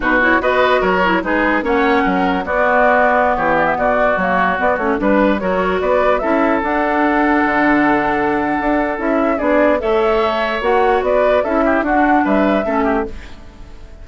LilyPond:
<<
  \new Staff \with { instrumentName = "flute" } { \time 4/4 \tempo 4 = 147 b'8 cis''8 dis''4 cis''4 b'4 | fis''2 d''2~ | d''16 cis''8 d''16 e''16 d''4 cis''4 d''8 cis''16~ | cis''16 b'4 cis''4 d''4 e''8.~ |
e''16 fis''2.~ fis''8.~ | fis''2 e''4 d''4 | e''2 fis''4 d''4 | e''4 fis''4 e''2 | }
  \new Staff \with { instrumentName = "oboe" } { \time 4/4 fis'4 b'4 ais'4 gis'4 | cis''4 ais'4 fis'2~ | fis'16 g'4 fis'2~ fis'8.~ | fis'16 b'4 ais'4 b'4 a'8.~ |
a'1~ | a'2. gis'4 | cis''2. b'4 | a'8 g'8 fis'4 b'4 a'8 g'8 | }
  \new Staff \with { instrumentName = "clarinet" } { \time 4/4 dis'8 e'8 fis'4. e'8 dis'4 | cis'2 b2~ | b2~ b16 ais4 b8 cis'16~ | cis'16 d'4 fis'2 e'8.~ |
e'16 d'2.~ d'8.~ | d'2 e'4 d'4 | a'2 fis'2 | e'4 d'2 cis'4 | }
  \new Staff \with { instrumentName = "bassoon" } { \time 4/4 b,4 b4 fis4 gis4 | ais4 fis4 b2~ | b16 e4 b,4 fis4 b8 a16~ | a16 g4 fis4 b4 cis'8.~ |
cis'16 d'2 d4.~ d16~ | d4 d'4 cis'4 b4 | a2 ais4 b4 | cis'4 d'4 g4 a4 | }
>>